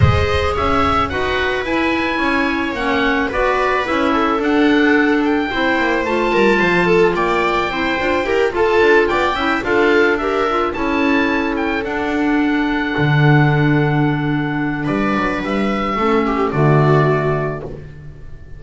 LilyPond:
<<
  \new Staff \with { instrumentName = "oboe" } { \time 4/4 \tempo 4 = 109 dis''4 e''4 fis''4 gis''4~ | gis''4 fis''4 d''4 e''4 | fis''4. g''4. a''4~ | a''4 g''2~ g''8 a''8~ |
a''8 g''4 f''4 e''4 a''8~ | a''4 g''8 fis''2~ fis''8~ | fis''2. d''4 | e''2 d''2 | }
  \new Staff \with { instrumentName = "viola" } { \time 4/4 c''4 cis''4 b'2 | cis''2 b'4. a'8~ | a'2 c''4. ais'8 | c''8 a'8 d''4 c''4 ais'8 a'8~ |
a'8 d''8 e''8 a'4 ais'4 a'8~ | a'1~ | a'2. b'4~ | b'4 a'8 g'8 fis'2 | }
  \new Staff \with { instrumentName = "clarinet" } { \time 4/4 gis'2 fis'4 e'4~ | e'4 cis'4 fis'4 e'4 | d'2 e'4 f'4~ | f'2 e'8 f'8 g'8 f'8~ |
f'4 e'8 f'4 g'8 f'8 e'8~ | e'4. d'2~ d'8~ | d'1~ | d'4 cis'4 a2 | }
  \new Staff \with { instrumentName = "double bass" } { \time 4/4 gis4 cis'4 dis'4 e'4 | cis'4 ais4 b4 cis'4 | d'2 c'8 ais8 a8 g8 | f4 ais4 c'8 d'8 e'8 f'8 |
d'8 b8 cis'8 d'2 cis'8~ | cis'4. d'2 d8~ | d2. g8 fis8 | g4 a4 d2 | }
>>